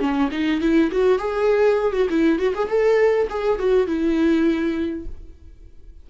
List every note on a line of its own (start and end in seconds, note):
0.00 0.30 C#4
0.32 0.61 D#4
0.61 0.91 E4
0.92 1.19 F#4
1.19 1.93 G#4
1.93 2.08 F#4
2.10 2.39 E4
2.39 2.54 F#4
2.55 2.69 G#4
2.69 3.28 A4
3.30 3.59 G#4
3.59 3.87 F#4
3.87 5.06 E4